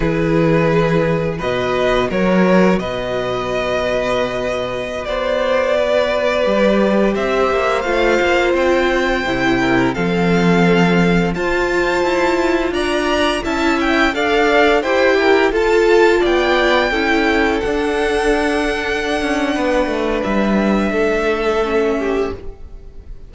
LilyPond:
<<
  \new Staff \with { instrumentName = "violin" } { \time 4/4 \tempo 4 = 86 b'2 dis''4 cis''4 | dis''2.~ dis''16 d''8.~ | d''2~ d''16 e''4 f''8.~ | f''16 g''2 f''4.~ f''16~ |
f''16 a''2 ais''4 a''8 g''16~ | g''16 f''4 g''4 a''4 g''8.~ | g''4~ g''16 fis''2~ fis''8.~ | fis''4 e''2. | }
  \new Staff \with { instrumentName = "violin" } { \time 4/4 gis'2 b'4 ais'4 | b'2.~ b'16 c''8.~ | c''16 b'2 c''4.~ c''16~ | c''4.~ c''16 ais'8 a'4.~ a'16~ |
a'16 c''2 d''4 e''8.~ | e''16 d''4 c''8 ais'8 a'4 d''8.~ | d''16 a'2.~ a'8. | b'2 a'4. g'8 | }
  \new Staff \with { instrumentName = "viola" } { \time 4/4 e'2 fis'2~ | fis'1~ | fis'4~ fis'16 g'2 f'8.~ | f'4~ f'16 e'4 c'4.~ c'16~ |
c'16 f'2. e'8.~ | e'16 a'4 g'4 f'4.~ f'16~ | f'16 e'4 d'2~ d'8.~ | d'2. cis'4 | }
  \new Staff \with { instrumentName = "cello" } { \time 4/4 e2 b,4 fis4 | b,2.~ b,16 b8.~ | b4~ b16 g4 c'8 ais8 a8 ais16~ | ais16 c'4 c4 f4.~ f16~ |
f16 f'4 e'4 d'4 cis'8.~ | cis'16 d'4 e'4 f'4 b8.~ | b16 cis'4 d'2~ d'16 cis'8 | b8 a8 g4 a2 | }
>>